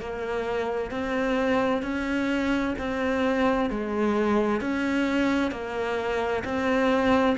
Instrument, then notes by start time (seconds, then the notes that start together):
cello
0.00 A#3
0.91 C4
1.83 C#4
2.78 C4
3.70 G#3
4.61 C#4
5.51 A#3
6.44 C4